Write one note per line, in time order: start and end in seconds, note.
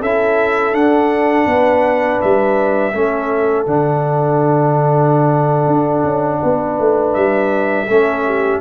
0.00 0.72 C#4
0.00 0.73 E4
0.00 1.46 A4
0.00 0.74 E5
0.72 1.45 D4
0.72 2.93 D4
0.72 2.20 F#5
1.46 2.19 B3
1.46 2.92 B4
2.21 2.93 G3
2.21 3.66 E5
2.93 3.66 A3
2.93 3.66 C#4
2.93 6.40 A4
3.66 5.66 D3
3.66 7.86 D4
3.66 7.13 F#5
5.66 6.03 D4
6.04 6.40 C#4
6.41 6.79 B3
6.41 7.87 B4
6.79 7.15 A3
7.14 7.88 G3
7.14 8.60 E5
7.88 8.61 A3
7.88 8.61 C#4
7.88 8.24 A4
8.25 8.61 G4